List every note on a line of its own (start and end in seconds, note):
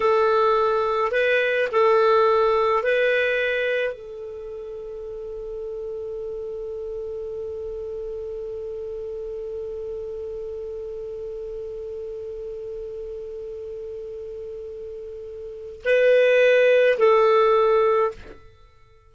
0.00 1.11 A4
1.11 1.68 B4
1.71 2.83 A4
2.83 3.92 B4
3.92 15.81 A4
15.85 16.98 B4
16.98 18.11 A4